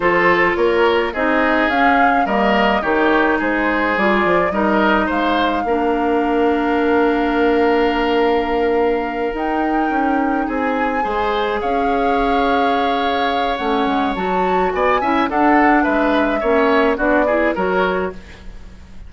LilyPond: <<
  \new Staff \with { instrumentName = "flute" } { \time 4/4 \tempo 4 = 106 c''4 cis''4 dis''4 f''4 | dis''4 cis''4 c''4 d''4 | dis''4 f''2.~ | f''1~ |
f''8 g''2 gis''4.~ | gis''8 f''2.~ f''8 | fis''4 a''4 gis''4 fis''4 | e''2 d''4 cis''4 | }
  \new Staff \with { instrumentName = "oboe" } { \time 4/4 a'4 ais'4 gis'2 | ais'4 g'4 gis'2 | ais'4 c''4 ais'2~ | ais'1~ |
ais'2~ ais'8 gis'4 c''8~ | c''8 cis''2.~ cis''8~ | cis''2 d''8 e''8 a'4 | b'4 cis''4 fis'8 gis'8 ais'4 | }
  \new Staff \with { instrumentName = "clarinet" } { \time 4/4 f'2 dis'4 cis'4 | ais4 dis'2 f'4 | dis'2 d'2~ | d'1~ |
d'8 dis'2. gis'8~ | gis'1 | cis'4 fis'4. e'8 d'4~ | d'4 cis'4 d'8 e'8 fis'4 | }
  \new Staff \with { instrumentName = "bassoon" } { \time 4/4 f4 ais4 c'4 cis'4 | g4 dis4 gis4 g8 f8 | g4 gis4 ais2~ | ais1~ |
ais8 dis'4 cis'4 c'4 gis8~ | gis8 cis'2.~ cis'8 | a8 gis8 fis4 b8 cis'8 d'4 | gis4 ais4 b4 fis4 | }
>>